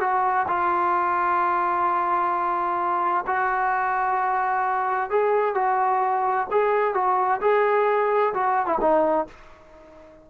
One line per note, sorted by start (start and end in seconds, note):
0.00 0.46 F#4
0.48 3.25 F4
3.26 5.10 F#4
5.10 5.54 G#4
5.54 6.47 F#4
6.51 6.94 G#4
6.94 7.40 F#4
7.41 8.33 G#4
8.34 8.66 F#4
8.66 8.78 E4
8.81 9.27 D#4